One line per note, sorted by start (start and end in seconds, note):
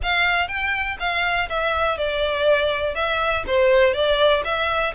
0.02 0.48 F5
0.48 0.97 G5
0.99 1.48 F5
1.49 1.97 E5
1.97 2.94 D5
2.94 3.43 E5
3.46 3.94 C5
3.94 4.43 D5
4.44 4.93 E5